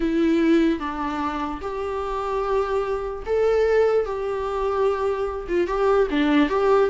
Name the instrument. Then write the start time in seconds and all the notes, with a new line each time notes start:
viola
0.00 E4
0.79 D4
1.61 G4
3.25 A4
4.05 G4
5.48 F4
5.67 G4
6.10 D4
6.49 G4